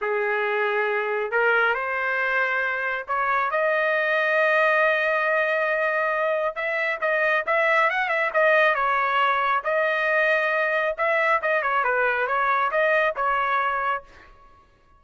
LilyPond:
\new Staff \with { instrumentName = "trumpet" } { \time 4/4 \tempo 4 = 137 gis'2. ais'4 | c''2. cis''4 | dis''1~ | dis''2. e''4 |
dis''4 e''4 fis''8 e''8 dis''4 | cis''2 dis''2~ | dis''4 e''4 dis''8 cis''8 b'4 | cis''4 dis''4 cis''2 | }